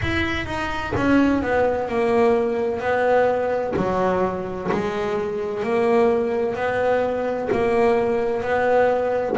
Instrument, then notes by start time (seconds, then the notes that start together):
double bass
0.02 E4
0.46 D#4
0.96 C#4
1.42 B3
1.88 A#3
2.80 B3
3.76 F#3
4.71 G#3
5.62 A#3
6.55 B3
7.52 A#3
8.42 B3